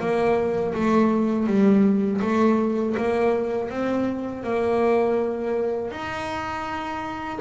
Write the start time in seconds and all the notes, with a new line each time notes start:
0.00 A#3
0.74 A3
1.47 G3
2.21 A3
2.97 A#3
3.70 C4
4.44 A#3
5.91 D#4